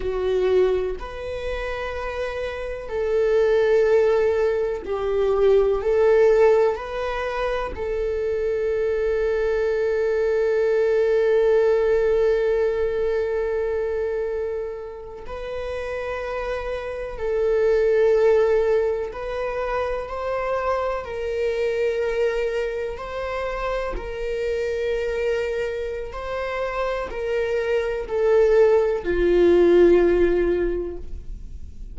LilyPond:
\new Staff \with { instrumentName = "viola" } { \time 4/4 \tempo 4 = 62 fis'4 b'2 a'4~ | a'4 g'4 a'4 b'4 | a'1~ | a'2.~ a'8. b'16~ |
b'4.~ b'16 a'2 b'16~ | b'8. c''4 ais'2 c''16~ | c''8. ais'2~ ais'16 c''4 | ais'4 a'4 f'2 | }